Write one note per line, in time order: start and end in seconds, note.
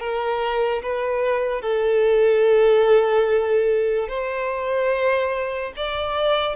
0.00 0.82 A#4
0.83 1.62 B4
1.62 4.09 A4
4.09 5.73 C5
5.77 6.56 D5